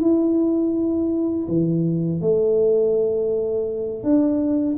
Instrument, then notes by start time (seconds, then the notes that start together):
tuba
0.00 E4
1.48 E3
2.21 A3
4.03 D4